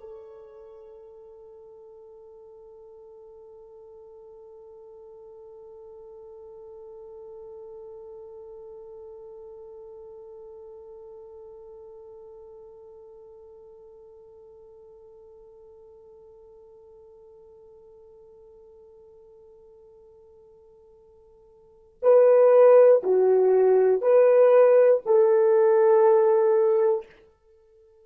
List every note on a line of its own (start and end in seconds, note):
0.00 22.00 A4
22.02 23.02 B4
23.03 24.01 F#4
24.01 25.01 B4
25.05 27.05 A4